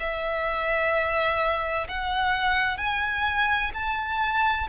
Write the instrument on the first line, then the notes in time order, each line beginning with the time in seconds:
violin
0.00 E5
1.88 F#5
2.77 G#5
3.74 A5